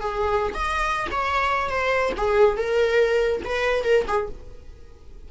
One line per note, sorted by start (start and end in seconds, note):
0.00 0.53 G#4
0.54 1.07 D#5
1.11 1.69 C#5
1.69 2.12 C5
2.17 2.56 G#4
2.56 3.41 A#4
3.44 3.84 B4
3.84 4.05 A#4
4.07 4.28 G#4